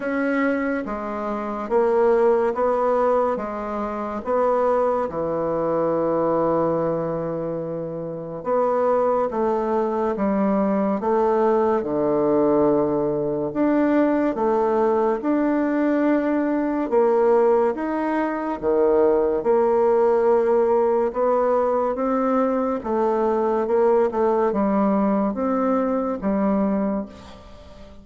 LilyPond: \new Staff \with { instrumentName = "bassoon" } { \time 4/4 \tempo 4 = 71 cis'4 gis4 ais4 b4 | gis4 b4 e2~ | e2 b4 a4 | g4 a4 d2 |
d'4 a4 d'2 | ais4 dis'4 dis4 ais4~ | ais4 b4 c'4 a4 | ais8 a8 g4 c'4 g4 | }